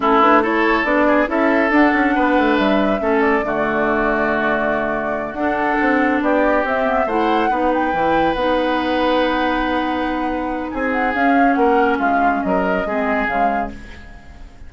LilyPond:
<<
  \new Staff \with { instrumentName = "flute" } { \time 4/4 \tempo 4 = 140 a'8 b'8 cis''4 d''4 e''4 | fis''2 e''4. d''8~ | d''1~ | d''8 fis''2 d''4 e''8~ |
e''8 fis''4. g''4. fis''8~ | fis''1~ | fis''4 gis''8 fis''8 f''4 fis''4 | f''4 dis''2 f''4 | }
  \new Staff \with { instrumentName = "oboe" } { \time 4/4 e'4 a'4. gis'8 a'4~ | a'4 b'2 a'4 | fis'1~ | fis'8 a'2 g'4.~ |
g'8 c''4 b'2~ b'8~ | b'1~ | b'4 gis'2 ais'4 | f'4 ais'4 gis'2 | }
  \new Staff \with { instrumentName = "clarinet" } { \time 4/4 cis'8 d'8 e'4 d'4 e'4 | d'2. cis'4 | a1~ | a8 d'2. c'8 |
b8 e'4 dis'4 e'4 dis'8~ | dis'1~ | dis'2 cis'2~ | cis'2 c'4 gis4 | }
  \new Staff \with { instrumentName = "bassoon" } { \time 4/4 a2 b4 cis'4 | d'8 cis'8 b8 a8 g4 a4 | d1~ | d8 d'4 c'4 b4 c'8~ |
c'8 a4 b4 e4 b8~ | b1~ | b4 c'4 cis'4 ais4 | gis4 fis4 gis4 cis4 | }
>>